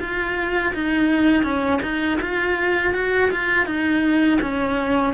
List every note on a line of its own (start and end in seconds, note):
0.00 0.73 F4
0.74 1.43 D#4
1.43 1.80 C#4
1.82 2.19 D#4
2.21 2.94 F4
2.94 3.30 F#4
3.31 3.66 F4
3.66 4.39 D#4
4.41 5.13 C#4